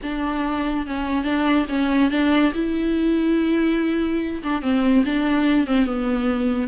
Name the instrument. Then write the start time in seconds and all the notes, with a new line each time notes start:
viola
0.02 D4
0.86 C#4
1.24 D4
1.68 C#4
2.10 D4
2.54 E4
4.43 D4
4.62 C4
5.05 D4
5.66 C4
5.85 B3